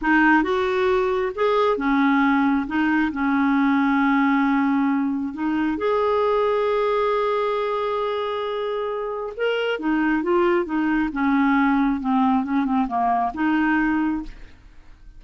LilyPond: \new Staff \with { instrumentName = "clarinet" } { \time 4/4 \tempo 4 = 135 dis'4 fis'2 gis'4 | cis'2 dis'4 cis'4~ | cis'1 | dis'4 gis'2.~ |
gis'1~ | gis'4 ais'4 dis'4 f'4 | dis'4 cis'2 c'4 | cis'8 c'8 ais4 dis'2 | }